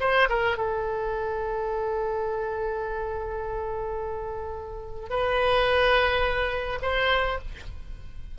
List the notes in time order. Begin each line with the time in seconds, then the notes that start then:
0.00 C5
0.29 A#4
0.57 A4
5.10 B4
6.82 C5